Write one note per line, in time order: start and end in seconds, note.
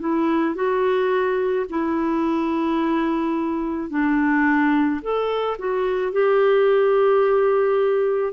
0.00 0.55 E4
0.55 1.66 F#4
1.69 3.90 E4
3.90 5.01 D4
5.02 5.57 A4
5.59 6.12 F#4
6.12 8.33 G4